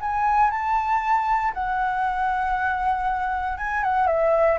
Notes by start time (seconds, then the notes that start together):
0.00 G#5
0.51 A5
1.54 F#5
3.58 G#5
3.83 F#5
4.07 E5